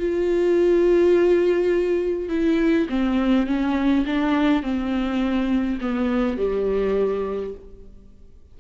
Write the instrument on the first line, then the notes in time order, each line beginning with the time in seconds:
viola
0.00 F4
2.30 E4
2.90 C4
3.47 C#4
4.06 D4
4.63 C4
5.81 B3
6.38 G3